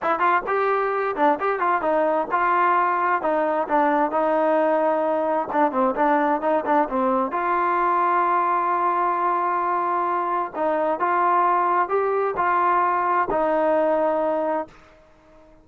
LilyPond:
\new Staff \with { instrumentName = "trombone" } { \time 4/4 \tempo 4 = 131 e'8 f'8 g'4. d'8 g'8 f'8 | dis'4 f'2 dis'4 | d'4 dis'2. | d'8 c'8 d'4 dis'8 d'8 c'4 |
f'1~ | f'2. dis'4 | f'2 g'4 f'4~ | f'4 dis'2. | }